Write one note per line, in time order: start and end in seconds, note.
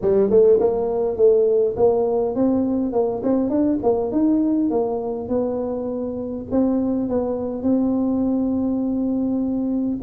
0.01 0.29 G3
0.29 0.59 A3
0.60 1.16 A#3
1.16 1.75 A3
1.76 2.35 A#3
2.35 2.92 C4
2.92 3.21 A#3
3.23 3.49 C4
3.49 3.78 D4
3.82 4.11 A#3
4.11 4.70 D#4
4.70 5.28 A#3
5.28 6.45 B3
6.51 7.08 C4
7.08 7.63 B3
7.63 9.98 C4